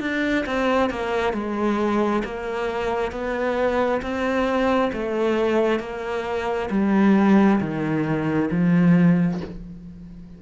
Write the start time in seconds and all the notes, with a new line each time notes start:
0.00 D4
0.46 C4
0.90 A#3
1.34 G#3
2.24 A#3
3.12 B3
4.02 C4
4.93 A3
5.80 A#3
6.70 G3
7.60 D#3
8.51 F3